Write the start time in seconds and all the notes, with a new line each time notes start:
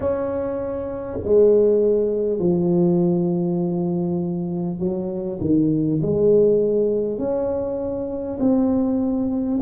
0.00 C#4
1.24 G#3
2.39 F3
4.79 F#3
5.41 D#3
6.02 G#3
7.18 C#4
8.39 C4